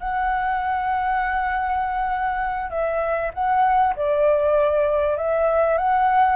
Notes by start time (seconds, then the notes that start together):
0.00 F#5
2.71 E5
3.34 F#5
3.96 D5
5.17 E5
5.78 F#5